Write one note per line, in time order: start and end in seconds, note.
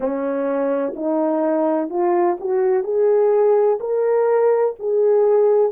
0.00 0.93 C#4
0.95 1.89 D#4
1.89 2.37 F4
2.40 2.83 F#4
2.83 3.78 G#4
3.80 4.75 A#4
4.79 5.71 G#4